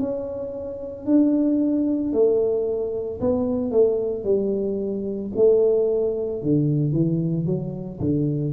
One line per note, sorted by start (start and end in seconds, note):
0.00 1.06 C#4
1.06 2.13 D4
2.13 3.20 A3
3.20 3.72 B3
3.72 4.24 A3
4.24 5.31 G3
5.36 6.43 A3
6.43 6.93 D3
6.93 7.46 E3
7.46 8.00 F#3
8.01 8.53 D3